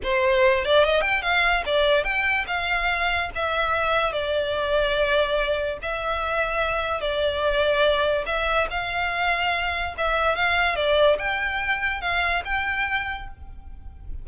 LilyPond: \new Staff \with { instrumentName = "violin" } { \time 4/4 \tempo 4 = 145 c''4. d''8 dis''8 g''8 f''4 | d''4 g''4 f''2 | e''2 d''2~ | d''2 e''2~ |
e''4 d''2. | e''4 f''2. | e''4 f''4 d''4 g''4~ | g''4 f''4 g''2 | }